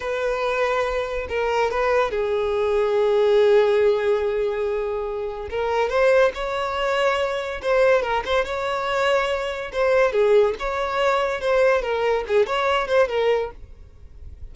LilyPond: \new Staff \with { instrumentName = "violin" } { \time 4/4 \tempo 4 = 142 b'2. ais'4 | b'4 gis'2.~ | gis'1~ | gis'4 ais'4 c''4 cis''4~ |
cis''2 c''4 ais'8 c''8 | cis''2. c''4 | gis'4 cis''2 c''4 | ais'4 gis'8 cis''4 c''8 ais'4 | }